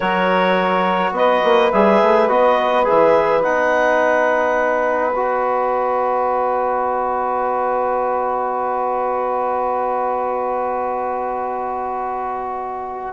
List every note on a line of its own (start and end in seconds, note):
0.00 1.11 F#3
0.00 1.72 F#4
0.00 1.12 A#4
0.00 1.14 C#5
1.11 1.40 B3
1.11 13.13 B4
1.11 1.71 D#5
1.44 1.72 A#3
1.71 2.01 G3
1.71 2.28 G#4
1.71 2.28 E5
2.02 2.28 A3
2.28 2.86 B3
2.28 2.84 F#4
2.28 2.86 D#5
2.84 3.43 E3
2.84 3.41 G#4
2.84 3.42 E5
3.41 13.13 B3
3.41 5.13 D#4
3.41 5.14 F#5
5.14 13.13 F#4
5.14 13.13 D#5